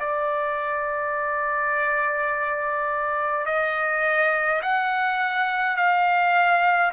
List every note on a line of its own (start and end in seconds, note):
0.00 3.46 D5
3.46 4.62 D#5
4.62 5.77 F#5
5.77 6.92 F5